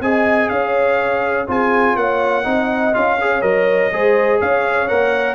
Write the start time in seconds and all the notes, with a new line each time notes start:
0.00 C4 G#4 D#5 G#5
0.49 C#4 C#5 F5
1.47 C4 F4 G#4 G#5
1.96 A#3 C#5 F#5
2.43 C4 D#4 D#5
2.93 C#4 F4 F5
3.20 G#4 C#5
3.41 F#3 A#4 D#5
3.92 G#3 G#4 C5
4.39 C#4 C#5 F5
4.88 A#3 A#4 F#5